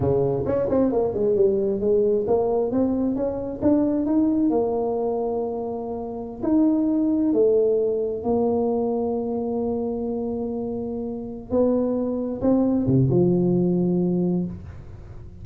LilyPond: \new Staff \with { instrumentName = "tuba" } { \time 4/4 \tempo 4 = 133 cis4 cis'8 c'8 ais8 gis8 g4 | gis4 ais4 c'4 cis'4 | d'4 dis'4 ais2~ | ais2~ ais16 dis'4.~ dis'16~ |
dis'16 a2 ais4.~ ais16~ | ais1~ | ais4. b2 c'8~ | c'8 c8 f2. | }